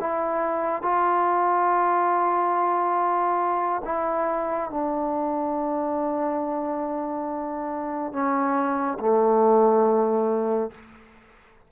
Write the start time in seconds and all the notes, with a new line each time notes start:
0.00 E4
0.83 F4
3.85 E4
4.71 D4
8.13 C#4
9.00 A3